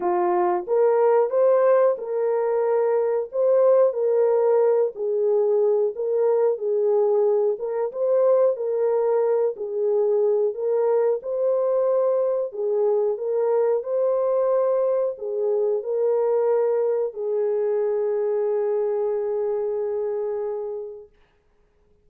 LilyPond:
\new Staff \with { instrumentName = "horn" } { \time 4/4 \tempo 4 = 91 f'4 ais'4 c''4 ais'4~ | ais'4 c''4 ais'4. gis'8~ | gis'4 ais'4 gis'4. ais'8 | c''4 ais'4. gis'4. |
ais'4 c''2 gis'4 | ais'4 c''2 gis'4 | ais'2 gis'2~ | gis'1 | }